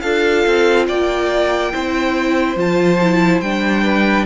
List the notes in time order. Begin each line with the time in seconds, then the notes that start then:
0.00 D4 F4 A4 F5
0.46 C4
0.87 A#3 D5 G5
1.72 C4 E4 C5
2.56 F3 F4 A5
3.01 E4
3.40 G3 D4 G5
3.83 B4